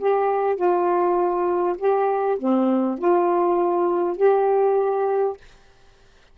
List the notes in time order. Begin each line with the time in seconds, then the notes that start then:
0.00 G4
0.56 F4
1.78 G4
2.39 C4
2.99 F4
4.17 G4